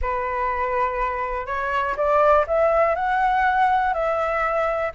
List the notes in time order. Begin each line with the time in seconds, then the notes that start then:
0.01 B4
1.46 C#5
1.96 D5
2.47 E5
2.95 F#5
3.93 E5